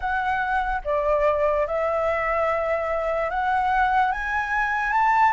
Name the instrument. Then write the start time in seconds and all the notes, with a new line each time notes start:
flute
0.00 F#5
0.84 D5
1.66 E5
3.30 F#5
4.11 G#5
4.92 A5